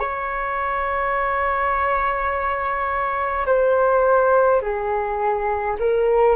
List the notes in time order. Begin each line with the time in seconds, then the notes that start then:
0.00 C#5
3.46 C5
4.62 G#4
5.80 A#4